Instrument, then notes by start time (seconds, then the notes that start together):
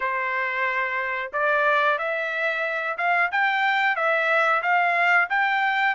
trumpet
0.00 C5
1.32 D5
1.98 E5
2.97 F5
3.31 G5
3.96 E5
4.62 F5
5.29 G5